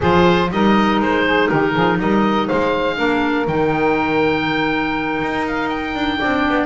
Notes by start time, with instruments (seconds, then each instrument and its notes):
0.00 double bass F3, clarinet F4, saxophone G#4, oboe C5
0.50 double bass G3, clarinet D#4, saxophone A#4, oboe D#5
0.99 double bass G#3, oboe C5
1.25 saxophone G#4
1.47 double bass D#3, saxophone G4, oboe A#4
1.73 double bass F3, saxophone G#4
1.99 double bass G3, saxophone A#4, oboe D#5
2.46 double bass G#3, saxophone C5, oboe F5
2.96 double bass A#3, clarinet D4, saxophone A#4
3.47 double bass D#3, clarinet D#4, oboe G5
5.21 double bass D#4
5.47 oboe F5
5.69 oboe G5
5.95 double bass D4
6.18 double bass C4, clarinet D4, saxophone D5
6.48 double bass B3